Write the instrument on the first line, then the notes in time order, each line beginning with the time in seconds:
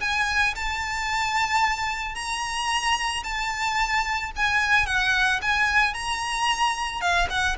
violin
0.00 G#5
0.56 A5
2.15 A#5
3.23 A5
4.36 G#5
4.86 F#5
5.42 G#5
5.94 A#5
7.01 F5
7.30 F#5